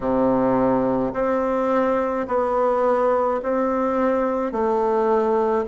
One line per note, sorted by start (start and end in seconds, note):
0.00 1.13 C3
1.13 2.26 C4
2.27 3.40 B3
3.42 4.51 C4
4.51 5.64 A3